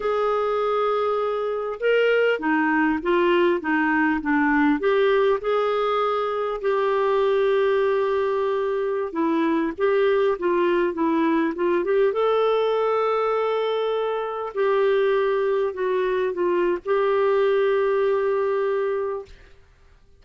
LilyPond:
\new Staff \with { instrumentName = "clarinet" } { \time 4/4 \tempo 4 = 100 gis'2. ais'4 | dis'4 f'4 dis'4 d'4 | g'4 gis'2 g'4~ | g'2.~ g'16 e'8.~ |
e'16 g'4 f'4 e'4 f'8 g'16~ | g'16 a'2.~ a'8.~ | a'16 g'2 fis'4 f'8. | g'1 | }